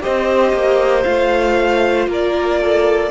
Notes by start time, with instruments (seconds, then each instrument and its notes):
0.00 cello C4, viola G4, violin C5 D#5
0.52 cello A#3
1.03 cello A3, viola F4, violin F5
2.07 cello A#3, violin A#4 D5
2.61 violin A4